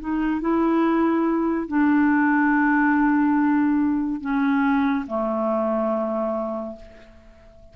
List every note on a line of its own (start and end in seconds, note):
0.00 0.41 D#4
0.41 1.68 E4
1.68 4.21 D4
4.21 5.06 C#4
5.07 6.76 A3